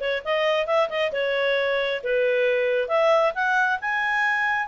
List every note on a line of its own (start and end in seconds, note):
0.00 0.22 C#5
0.24 0.66 D#5
0.66 0.89 E5
0.89 1.12 D#5
1.12 2.01 C#5
2.03 2.88 B4
2.88 3.33 E5
3.34 3.79 F#5
3.81 4.67 G#5